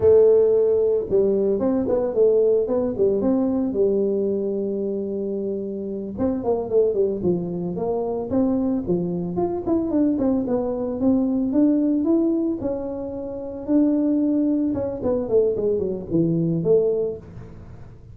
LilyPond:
\new Staff \with { instrumentName = "tuba" } { \time 4/4 \tempo 4 = 112 a2 g4 c'8 b8 | a4 b8 g8 c'4 g4~ | g2.~ g8 c'8 | ais8 a8 g8 f4 ais4 c'8~ |
c'8 f4 f'8 e'8 d'8 c'8 b8~ | b8 c'4 d'4 e'4 cis'8~ | cis'4. d'2 cis'8 | b8 a8 gis8 fis8 e4 a4 | }